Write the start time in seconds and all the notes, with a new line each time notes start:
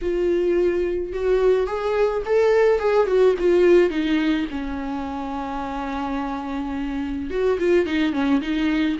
0.01 F4
1.12 F#4
1.66 G#4
2.25 A4
2.79 G#4
3.06 F#4
3.38 F4
3.90 D#4
4.51 C#4
7.30 F#4
7.59 F4
7.86 D#4
8.12 C#4
8.41 D#4